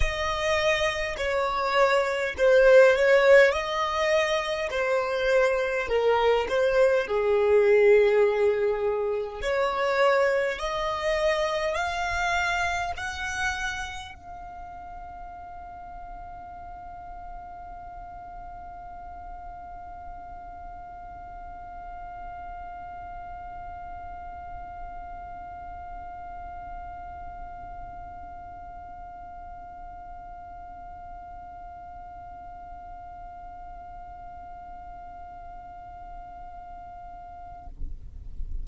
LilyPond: \new Staff \with { instrumentName = "violin" } { \time 4/4 \tempo 4 = 51 dis''4 cis''4 c''8 cis''8 dis''4 | c''4 ais'8 c''8 gis'2 | cis''4 dis''4 f''4 fis''4 | f''1~ |
f''1~ | f''1~ | f''1~ | f''1 | }